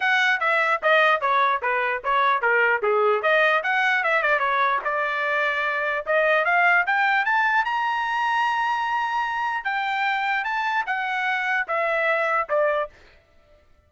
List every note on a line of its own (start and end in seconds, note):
0.00 0.40 F#5
0.40 0.80 E5
0.82 1.21 D#5
1.21 1.61 C#5
1.62 2.02 B4
2.03 2.41 C#5
2.41 2.81 A#4
2.82 3.22 G#4
3.22 3.62 D#5
3.63 4.03 F#5
4.03 4.22 E5
4.22 4.39 D5
4.39 4.79 C#5
4.84 6.05 D5
6.06 6.44 D#5
6.44 6.85 F5
6.86 7.25 G5
7.25 7.64 A5
7.64 9.64 A#5
9.64 10.44 G5
10.44 10.84 A5
10.86 11.66 F#5
11.67 12.48 E5
12.49 12.89 D5